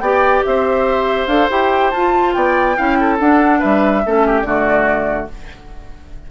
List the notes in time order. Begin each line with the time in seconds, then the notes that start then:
0.00 B3 G4 D5 G5
0.44 C4 C5 E5
1.27 D4 A4 F5
1.50 E4 G4 G5
1.90 F4 A5
2.33 B3 D5 G5
2.76 C#4 E4 F5
3.00 A4
3.19 D4 F#5
3.59 G3 B4 E5
4.06 A3 C#4 A4
4.27 G4
4.42 D3 A3 F#4 D5